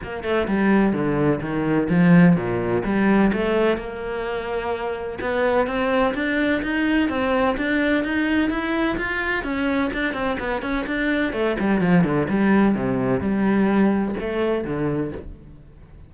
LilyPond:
\new Staff \with { instrumentName = "cello" } { \time 4/4 \tempo 4 = 127 ais8 a8 g4 d4 dis4 | f4 ais,4 g4 a4 | ais2. b4 | c'4 d'4 dis'4 c'4 |
d'4 dis'4 e'4 f'4 | cis'4 d'8 c'8 b8 cis'8 d'4 | a8 g8 f8 d8 g4 c4 | g2 a4 d4 | }